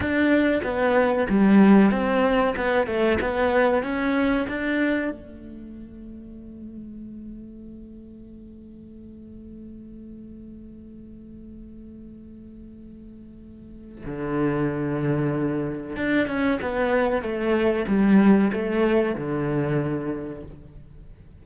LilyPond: \new Staff \with { instrumentName = "cello" } { \time 4/4 \tempo 4 = 94 d'4 b4 g4 c'4 | b8 a8 b4 cis'4 d'4 | a1~ | a1~ |
a1~ | a2 d2~ | d4 d'8 cis'8 b4 a4 | g4 a4 d2 | }